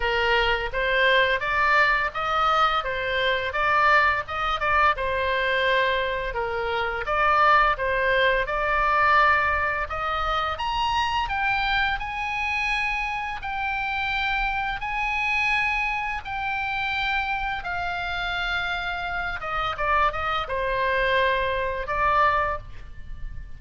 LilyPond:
\new Staff \with { instrumentName = "oboe" } { \time 4/4 \tempo 4 = 85 ais'4 c''4 d''4 dis''4 | c''4 d''4 dis''8 d''8 c''4~ | c''4 ais'4 d''4 c''4 | d''2 dis''4 ais''4 |
g''4 gis''2 g''4~ | g''4 gis''2 g''4~ | g''4 f''2~ f''8 dis''8 | d''8 dis''8 c''2 d''4 | }